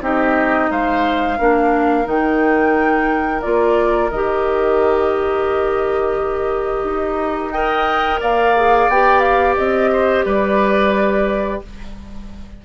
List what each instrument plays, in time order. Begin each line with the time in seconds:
0.00 bassoon C4, clarinet D#4, oboe G4, flute D#5
0.70 bassoon G#3, oboe C5, flute F5
1.38 bassoon A#3, clarinet D4, oboe A#4
2.04 bassoon D#3, clarinet D#4, flute G5
3.41 bassoon A#3, clarinet F4, flute D5
4.10 bassoon D#3, clarinet G4, flute D#5
6.83 bassoon D#4
7.51 clarinet A#4, oboe D#5, flute G5
8.20 bassoon A#3, oboe D5, flute F5
8.56 clarinet G#4
8.88 bassoon B3, clarinet G4, flute G5
9.20 flute F5
9.56 bassoon C4, flute D#5
9.92 oboe C5
10.25 bassoon G3, oboe B4, flute D5